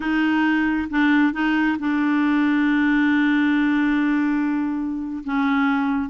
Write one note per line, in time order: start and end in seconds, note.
0.00 0.88 D#4
0.89 1.33 D4
1.33 1.77 D#4
1.79 5.23 D4
5.23 6.09 C#4